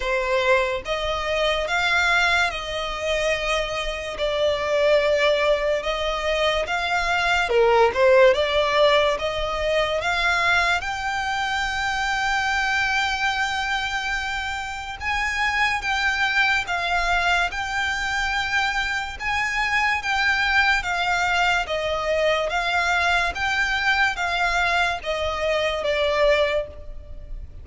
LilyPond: \new Staff \with { instrumentName = "violin" } { \time 4/4 \tempo 4 = 72 c''4 dis''4 f''4 dis''4~ | dis''4 d''2 dis''4 | f''4 ais'8 c''8 d''4 dis''4 | f''4 g''2.~ |
g''2 gis''4 g''4 | f''4 g''2 gis''4 | g''4 f''4 dis''4 f''4 | g''4 f''4 dis''4 d''4 | }